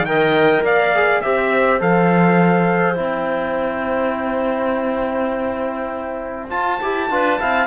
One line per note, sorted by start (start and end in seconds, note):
0.00 0.59 D#3
0.00 0.64 G5
0.07 0.95 A#4
0.07 0.64 D#5
0.62 1.21 A#3
0.62 1.22 D5
0.62 1.21 F5
0.95 1.23 G#4
1.21 1.81 C4
1.21 1.80 G4
1.21 7.11 C5
1.21 1.80 E5
1.80 2.98 F3
1.80 2.96 A4
1.80 2.98 F5
2.96 6.51 C4
2.96 6.49 E4
2.96 6.50 G5
6.49 6.79 F4
6.49 6.81 F4
6.49 7.67 A5
6.82 7.10 E4
6.82 7.10 G4
7.10 7.39 D4
7.10 7.39 F4
7.10 7.40 B4
7.39 7.67 C4
7.39 7.67 E4
7.39 7.67 F5